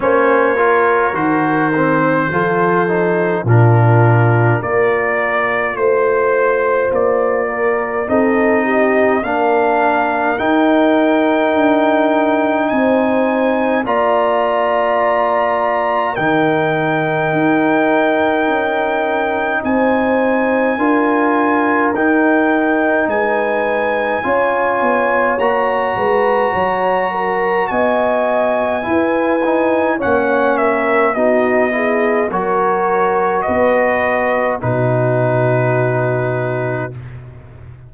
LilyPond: <<
  \new Staff \with { instrumentName = "trumpet" } { \time 4/4 \tempo 4 = 52 cis''4 c''2 ais'4 | d''4 c''4 d''4 dis''4 | f''4 g''2 gis''4 | ais''2 g''2~ |
g''4 gis''2 g''4 | gis''2 ais''2 | gis''2 fis''8 e''8 dis''4 | cis''4 dis''4 b'2 | }
  \new Staff \with { instrumentName = "horn" } { \time 4/4 c''8 ais'4. a'4 f'4 | ais'4 c''4. ais'8 a'8 g'8 | ais'2. c''4 | d''2 ais'2~ |
ais'4 c''4 ais'2 | b'4 cis''4. b'8 cis''8 ais'8 | dis''4 b'4 cis''8 ais'8 fis'8 gis'8 | ais'4 b'4 fis'2 | }
  \new Staff \with { instrumentName = "trombone" } { \time 4/4 cis'8 f'8 fis'8 c'8 f'8 dis'8 d'4 | f'2. dis'4 | d'4 dis'2. | f'2 dis'2~ |
dis'2 f'4 dis'4~ | dis'4 f'4 fis'2~ | fis'4 e'8 dis'8 cis'4 dis'8 e'8 | fis'2 dis'2 | }
  \new Staff \with { instrumentName = "tuba" } { \time 4/4 ais4 dis4 f4 ais,4 | ais4 a4 ais4 c'4 | ais4 dis'4 d'4 c'4 | ais2 dis4 dis'4 |
cis'4 c'4 d'4 dis'4 | gis4 cis'8 b8 ais8 gis8 fis4 | b4 e'4 ais4 b4 | fis4 b4 b,2 | }
>>